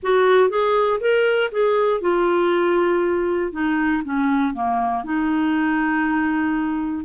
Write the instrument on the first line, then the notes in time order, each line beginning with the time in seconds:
clarinet
0.03 F#4
0.49 G#4
1.00 A#4
1.51 G#4
2.01 F4
3.52 D#4
4.04 C#4
4.54 A#3
5.04 D#4